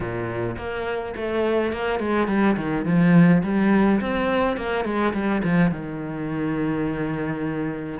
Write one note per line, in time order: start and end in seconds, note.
0.00 0.56 A#2
0.57 1.15 A#3
1.16 1.72 A3
1.72 1.99 A#3
1.99 2.27 G#3
2.27 2.56 G3
2.56 2.85 D#3
2.85 3.42 F3
3.43 4.00 G3
4.00 4.57 C4
4.57 4.84 A#3
4.84 5.13 G#3
5.13 5.42 G3
5.44 5.71 F3
5.71 7.99 D#3